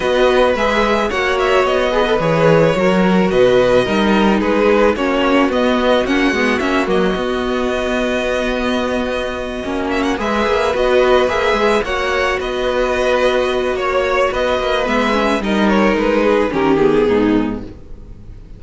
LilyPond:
<<
  \new Staff \with { instrumentName = "violin" } { \time 4/4 \tempo 4 = 109 dis''4 e''4 fis''8 e''8 dis''4 | cis''2 dis''2 | b'4 cis''4 dis''4 fis''4 | e''8 dis''2.~ dis''8~ |
dis''2 e''16 fis''16 e''4 dis''8~ | dis''8 e''4 fis''4 dis''4.~ | dis''4 cis''4 dis''4 e''4 | dis''8 cis''8 b'4 ais'8 gis'4. | }
  \new Staff \with { instrumentName = "violin" } { \time 4/4 b'2 cis''4. b'8~ | b'4 ais'4 b'4 ais'4 | gis'4 fis'2.~ | fis'1~ |
fis'2~ fis'8 b'4.~ | b'4. cis''4 b'4.~ | b'4 cis''4 b'2 | ais'4. gis'8 g'4 dis'4 | }
  \new Staff \with { instrumentName = "viola" } { \time 4/4 fis'4 gis'4 fis'4. gis'16 a'16 | gis'4 fis'2 dis'4~ | dis'4 cis'4 b4 cis'8 b8 | cis'8 ais8 b2.~ |
b4. cis'4 gis'4 fis'8~ | fis'8 gis'4 fis'2~ fis'8~ | fis'2. b8 cis'8 | dis'2 cis'8 b4. | }
  \new Staff \with { instrumentName = "cello" } { \time 4/4 b4 gis4 ais4 b4 | e4 fis4 b,4 g4 | gis4 ais4 b4 ais8 gis8 | ais8 fis8 b2.~ |
b4. ais4 gis8 ais8 b8~ | b8 ais8 gis8 ais4 b4.~ | b4 ais4 b8 ais8 gis4 | g4 gis4 dis4 gis,4 | }
>>